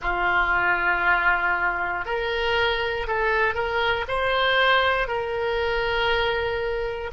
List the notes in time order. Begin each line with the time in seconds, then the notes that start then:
0.01 F4
2.05 A#4
3.07 A4
3.54 A#4
4.08 C5
5.07 A#4